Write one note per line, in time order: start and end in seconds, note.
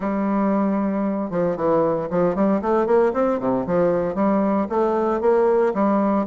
0.00 1.30 G3
1.30 1.56 F3
1.56 2.08 E3
2.09 2.35 F3
2.35 2.61 G3
2.61 2.86 A3
2.86 3.12 A#3
3.13 3.39 C4
3.39 3.65 C3
3.66 4.15 F3
4.15 4.67 G3
4.69 5.21 A3
5.21 5.73 A#3
5.74 6.26 G3